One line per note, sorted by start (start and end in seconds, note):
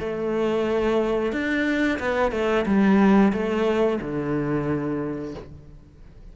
0.00 1.32 A3
1.32 1.99 D4
1.99 2.32 B3
2.32 2.65 A3
2.66 3.33 G3
3.33 3.99 A3
4.01 5.35 D3